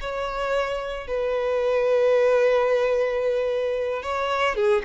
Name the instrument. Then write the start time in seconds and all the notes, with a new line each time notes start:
violin
0.00 C#5
1.07 B4
4.03 C#5
4.55 G#4